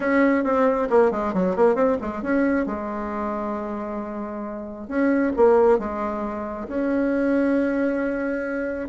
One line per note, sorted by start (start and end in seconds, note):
0.00 0.44 C#4
0.44 0.88 C4
0.90 1.11 A#3
1.11 1.33 G#3
1.33 1.56 F#3
1.56 1.75 A#3
1.75 1.97 C4
2.01 2.22 G#3
2.22 2.65 C#4
2.65 4.88 G#3
4.88 5.32 C#4
5.36 5.78 A#3
5.78 6.67 G#3
6.68 8.88 C#4